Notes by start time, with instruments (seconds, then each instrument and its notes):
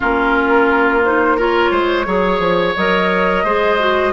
0.00 bassoon A#3, clarinet C#4, oboe F4, flute A#4
1.04 clarinet D#4, flute C5
1.36 clarinet F4, oboe A#4, flute C#5
1.71 bassoon G#3, oboe C5
2.05 bassoon F#3, clarinet G#4, oboe C#5
2.39 bassoon F3
2.76 bassoon F#3, clarinet A#4, flute D#5
3.44 bassoon G#3, clarinet G#4, oboe C5
3.79 clarinet F#4